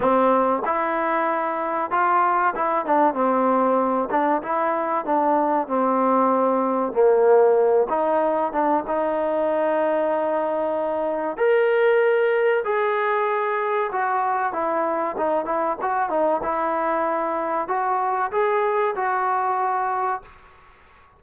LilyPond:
\new Staff \with { instrumentName = "trombone" } { \time 4/4 \tempo 4 = 95 c'4 e'2 f'4 | e'8 d'8 c'4. d'8 e'4 | d'4 c'2 ais4~ | ais8 dis'4 d'8 dis'2~ |
dis'2 ais'2 | gis'2 fis'4 e'4 | dis'8 e'8 fis'8 dis'8 e'2 | fis'4 gis'4 fis'2 | }